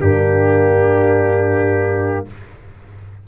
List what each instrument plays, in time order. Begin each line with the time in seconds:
0.00 tuba G2, trombone A#3, horn D4, trumpet G4